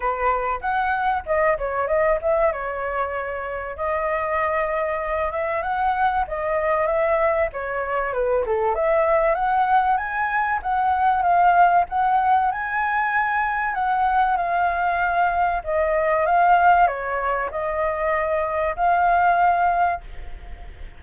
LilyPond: \new Staff \with { instrumentName = "flute" } { \time 4/4 \tempo 4 = 96 b'4 fis''4 dis''8 cis''8 dis''8 e''8 | cis''2 dis''2~ | dis''8 e''8 fis''4 dis''4 e''4 | cis''4 b'8 a'8 e''4 fis''4 |
gis''4 fis''4 f''4 fis''4 | gis''2 fis''4 f''4~ | f''4 dis''4 f''4 cis''4 | dis''2 f''2 | }